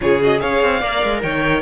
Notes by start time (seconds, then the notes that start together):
0.01 C#3 F4 G#4 C#5
0.22 F#4 D#5
0.39 C#4 G#4 C#5 F5
0.62 C4
0.79 A#3 A#4 D5
1.03 G#3
1.22 D#3 C#5 G5